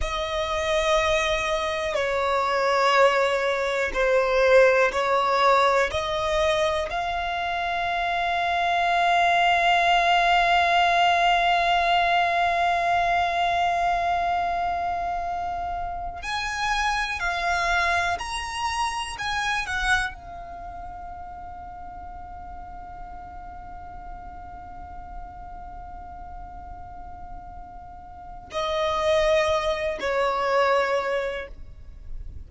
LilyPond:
\new Staff \with { instrumentName = "violin" } { \time 4/4 \tempo 4 = 61 dis''2 cis''2 | c''4 cis''4 dis''4 f''4~ | f''1~ | f''1~ |
f''8 gis''4 f''4 ais''4 gis''8 | fis''8 f''2.~ f''8~ | f''1~ | f''4 dis''4. cis''4. | }